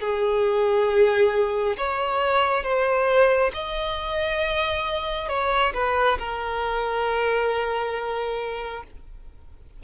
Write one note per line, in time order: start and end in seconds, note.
0.00 1.76 G#4
1.77 2.63 C#5
2.63 3.51 C5
3.53 5.29 D#5
5.29 5.73 C#5
5.74 6.18 B4
6.18 8.83 A#4